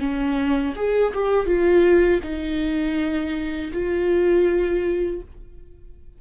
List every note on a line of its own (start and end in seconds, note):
0.00 0.74 C#4
0.76 1.13 G#4
1.14 1.46 G4
1.46 2.21 F4
2.23 3.71 D#4
3.73 5.22 F4